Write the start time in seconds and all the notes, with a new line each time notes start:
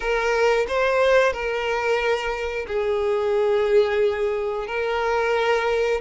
0.00 A#4
0.68 C5
1.32 A#4
2.67 G#4
4.67 A#4